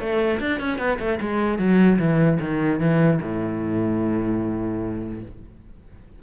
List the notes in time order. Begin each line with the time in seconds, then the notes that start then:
0.00 A3
0.40 D4
0.60 C#4
0.79 B3
0.99 A3
1.21 G#3
1.59 F#3
1.99 E3
2.40 D#3
2.80 E3
3.23 A2